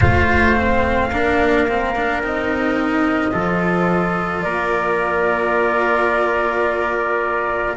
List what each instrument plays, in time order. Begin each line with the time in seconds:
0.00 double bass A3, cello F4, trumpet C5, flute F5
0.56 cello C4
1.10 double bass A#3, cello D4, trumpet A#4
1.68 cello C4
1.95 cello D4
2.21 double bass C4, cello D#4, flute D#5
3.31 double bass F3, cello F4, trumpet A4
4.41 double bass A#3, trumpet A#4, flute D5